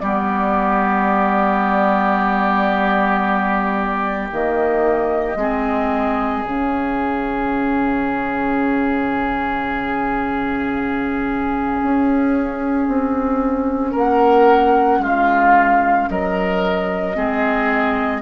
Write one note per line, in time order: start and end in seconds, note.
0.00 4.30 G3
0.00 4.31 B3
0.00 5.38 G4
0.00 4.29 D5
4.31 5.36 D#3
4.31 5.38 A#3
4.31 6.44 D#5
5.36 6.43 G#3
5.36 6.46 C4
5.36 13.92 G#4
6.44 11.81 C#3
6.44 17.15 C#4
6.44 13.94 F5
11.83 12.88 C#4
12.88 13.94 C4
13.92 14.99 A#3
13.92 14.99 A#4
13.92 15.03 F#5
14.99 16.06 G#3
14.99 16.09 F4
14.99 16.10 F5
16.10 17.17 F#3
16.10 17.17 A#4
16.10 18.22 D#5
17.15 18.22 G#3
17.15 18.22 C4
17.15 18.22 G#4